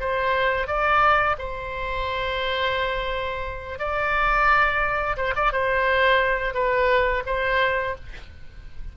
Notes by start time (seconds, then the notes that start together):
0.00 C5
0.67 D5
1.38 C5
3.79 D5
5.17 C5
5.36 D5
5.52 C5
6.54 B4
7.26 C5